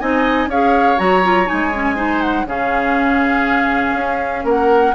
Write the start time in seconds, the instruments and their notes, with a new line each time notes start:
0.00 bassoon C4, clarinet D#4, oboe D#5, flute G#5
0.48 bassoon C#4, clarinet G#4, oboe C#5, flute F5
0.97 bassoon F#3, clarinet F#4, flute A#5
1.24 clarinet F4
1.46 clarinet D#4, flute G#5
1.53 bassoon G#3
1.75 clarinet C#4
1.96 clarinet D#4, oboe C5
2.22 flute F#5
2.45 bassoon C#3, clarinet C#4, oboe G#4, flute F5
3.95 bassoon C#4
4.45 bassoon A#3, oboe A#4, flute F#5